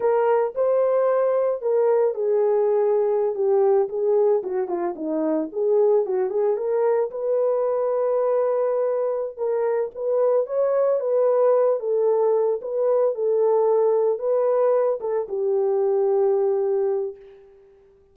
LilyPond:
\new Staff \with { instrumentName = "horn" } { \time 4/4 \tempo 4 = 112 ais'4 c''2 ais'4 | gis'2~ gis'16 g'4 gis'8.~ | gis'16 fis'8 f'8 dis'4 gis'4 fis'8 gis'16~ | gis'16 ais'4 b'2~ b'8.~ |
b'4. ais'4 b'4 cis''8~ | cis''8 b'4. a'4. b'8~ | b'8 a'2 b'4. | a'8 g'2.~ g'8 | }